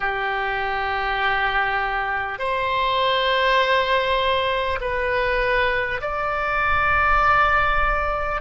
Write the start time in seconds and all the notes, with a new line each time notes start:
0.00 G4
2.38 C5
4.80 B4
6.01 D5